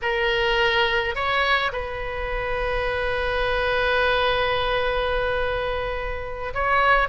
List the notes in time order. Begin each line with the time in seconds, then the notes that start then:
0.02 A#4
1.15 C#5
1.72 B4
6.54 C#5